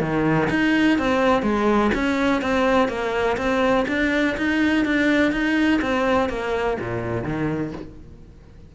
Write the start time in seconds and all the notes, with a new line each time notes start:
0.00 D#3
0.50 D#4
0.99 C4
1.42 G#3
1.94 C#4
2.41 C4
2.88 A#3
3.37 C4
3.88 D4
4.37 D#4
4.85 D4
5.32 D#4
5.81 C4
6.29 A#3
6.80 A#2
7.24 D#3